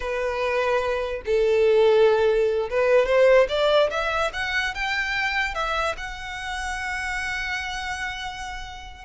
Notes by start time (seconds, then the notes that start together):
0.00 B4
1.25 A4
2.70 B4
3.06 C5
3.49 D5
3.90 E5
4.33 F#5
4.74 G5
5.54 E5
5.97 F#5